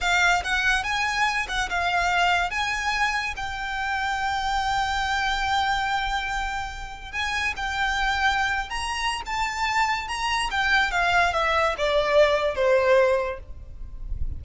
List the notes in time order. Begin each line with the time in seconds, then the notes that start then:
0.00 F5
0.43 F#5
0.83 G#5
1.48 F#5
1.69 F5
2.50 G#5
3.36 G5
7.12 G#5
7.56 G5
8.69 A#5
9.25 A5
10.08 A#5
10.50 G5
10.91 F5
11.33 E5
11.77 D5
12.55 C5